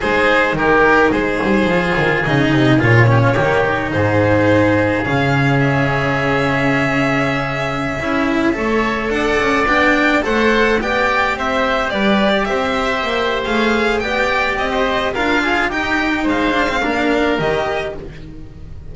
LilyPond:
<<
  \new Staff \with { instrumentName = "violin" } { \time 4/4 \tempo 4 = 107 c''4 ais'4 c''2 | dis''4 cis''2 c''4~ | c''4 f''4 e''2~ | e''1~ |
e''16 fis''4 g''4 fis''4 g''8.~ | g''16 e''4 d''4 e''4.~ e''16 | f''4 g''4 dis''4 f''4 | g''4 f''2 dis''4 | }
  \new Staff \with { instrumentName = "oboe" } { \time 4/4 gis'4 g'4 gis'2~ | gis'4. g'16 f'16 g'4 gis'4~ | gis'1~ | gis'2.~ gis'16 cis''8.~ |
cis''16 d''2 c''4 d''8.~ | d''16 c''4 b'8. d''16 c''4.~ c''16~ | c''4 d''4~ d''16 c''8. ais'8 gis'8 | g'4 c''4 ais'2 | }
  \new Staff \with { instrumentName = "cello" } { \time 4/4 dis'2. f'4 | dis'4 f'8 cis'8 ais8 dis'4.~ | dis'4 cis'2.~ | cis'2~ cis'16 e'4 a'8.~ |
a'4~ a'16 d'4 a'4 g'8.~ | g'1 | gis'4 g'2 f'4 | dis'4. d'16 c'16 d'4 g'4 | }
  \new Staff \with { instrumentName = "double bass" } { \time 4/4 gis4 dis4 gis8 g8 f8 dis8 | cis8 c8 ais,4 dis4 gis,4~ | gis,4 cis2.~ | cis2~ cis16 cis'4 a8.~ |
a16 d'8 cis'8 b4 a4 b8.~ | b16 c'4 g4 c'4 ais8. | a4 b4 c'4 d'4 | dis'4 gis4 ais4 dis4 | }
>>